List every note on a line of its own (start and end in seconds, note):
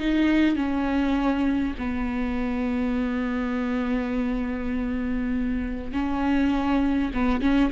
0.00 0.56 D#4
0.56 1.75 C#4
1.79 5.93 B3
5.93 7.12 C#4
7.14 7.41 B3
7.41 7.71 C#4